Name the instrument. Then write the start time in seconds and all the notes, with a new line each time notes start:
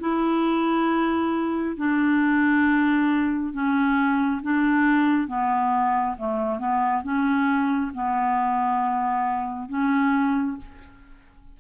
clarinet
0.00 E4
1.77 D4
3.53 C#4
4.42 D4
5.28 B3
6.18 A3
6.59 B3
7.03 C#4
7.94 B3
9.69 C#4